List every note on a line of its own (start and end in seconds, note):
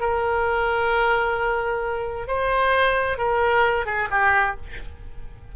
0.00 2.27 A#4
2.27 3.17 C5
3.17 3.85 A#4
3.85 4.08 G#4
4.10 4.56 G4